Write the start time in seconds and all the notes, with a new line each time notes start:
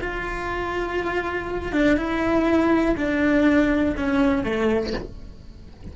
0.00 F4
1.72 D4
1.96 E4
2.96 D4
3.96 C#4
4.43 A3